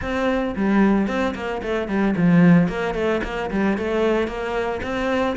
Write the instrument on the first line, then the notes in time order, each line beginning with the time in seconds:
cello
0.01 C4
0.56 G3
1.07 C4
1.34 A#3
1.62 A3
1.87 G3
2.16 F3
2.68 A#3
2.94 A3
3.23 A#3
3.50 G3
3.77 A3
4.27 A#3
4.82 C4